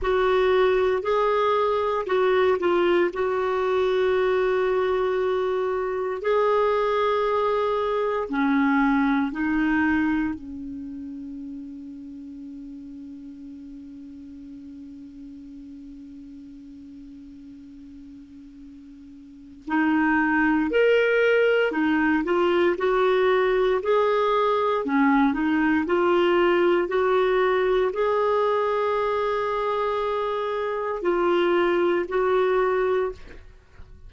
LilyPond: \new Staff \with { instrumentName = "clarinet" } { \time 4/4 \tempo 4 = 58 fis'4 gis'4 fis'8 f'8 fis'4~ | fis'2 gis'2 | cis'4 dis'4 cis'2~ | cis'1~ |
cis'2. dis'4 | ais'4 dis'8 f'8 fis'4 gis'4 | cis'8 dis'8 f'4 fis'4 gis'4~ | gis'2 f'4 fis'4 | }